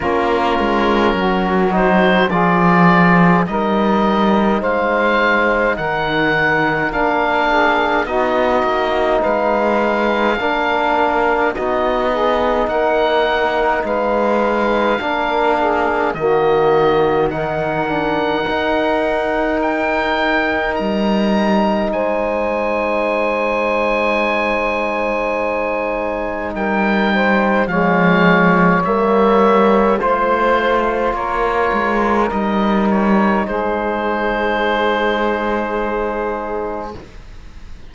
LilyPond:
<<
  \new Staff \with { instrumentName = "oboe" } { \time 4/4 \tempo 4 = 52 ais'4. c''8 d''4 dis''4 | f''4 fis''4 f''4 dis''4 | f''2 dis''4 fis''4 | f''2 dis''4 fis''4~ |
fis''4 g''4 ais''4 gis''4~ | gis''2. g''4 | f''4 e''4 c''4 cis''4 | dis''8 cis''8 c''2. | }
  \new Staff \with { instrumentName = "saxophone" } { \time 4/4 f'4 fis'4 gis'4 ais'4 | c''4 ais'4. gis'8 fis'4 | b'4 ais'4 fis'8 gis'8 ais'4 | b'4 ais'8 gis'8 fis'4 ais'4~ |
ais'2. c''4~ | c''2. ais'8 c''8 | cis''2 c''4 ais'4~ | ais'4 gis'2. | }
  \new Staff \with { instrumentName = "trombone" } { \time 4/4 cis'4. dis'8 f'4 dis'4~ | dis'2 d'4 dis'4~ | dis'4 d'4 dis'2~ | dis'4 d'4 ais4 dis'8 d'8 |
dis'1~ | dis'1 | gis4 ais4 f'2 | dis'1 | }
  \new Staff \with { instrumentName = "cello" } { \time 4/4 ais8 gis8 fis4 f4 g4 | gis4 dis4 ais4 b8 ais8 | gis4 ais4 b4 ais4 | gis4 ais4 dis2 |
dis'2 g4 gis4~ | gis2. g4 | f4 g4 a4 ais8 gis8 | g4 gis2. | }
>>